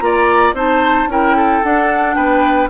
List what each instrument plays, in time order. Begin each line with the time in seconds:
0.00 bassoon A#3, clarinet F4, oboe D5, flute A#5
0.53 bassoon C4, clarinet D#4, oboe C5, flute A5
1.08 bassoon C#4, clarinet E4, oboe A#4, flute G5
1.36 oboe A4
1.64 bassoon D4, clarinet D4, flute F#5
2.14 bassoon B3, oboe B4, flute G5